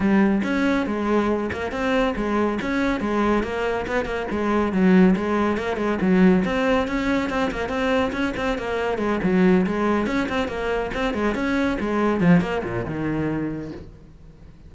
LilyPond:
\new Staff \with { instrumentName = "cello" } { \time 4/4 \tempo 4 = 140 g4 cis'4 gis4. ais8 | c'4 gis4 cis'4 gis4 | ais4 b8 ais8 gis4 fis4 | gis4 ais8 gis8 fis4 c'4 |
cis'4 c'8 ais8 c'4 cis'8 c'8 | ais4 gis8 fis4 gis4 cis'8 | c'8 ais4 c'8 gis8 cis'4 gis8~ | gis8 f8 ais8 ais,8 dis2 | }